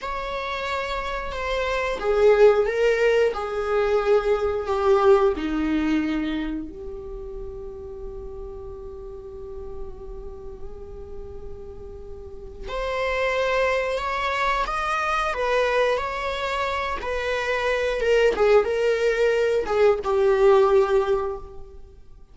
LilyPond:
\new Staff \with { instrumentName = "viola" } { \time 4/4 \tempo 4 = 90 cis''2 c''4 gis'4 | ais'4 gis'2 g'4 | dis'2 g'2~ | g'1~ |
g'2. c''4~ | c''4 cis''4 dis''4 b'4 | cis''4. b'4. ais'8 gis'8 | ais'4. gis'8 g'2 | }